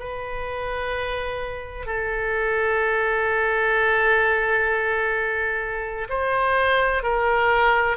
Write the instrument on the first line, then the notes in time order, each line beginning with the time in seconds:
oboe
0.00 B4
1.86 A4
6.09 C5
7.03 A#4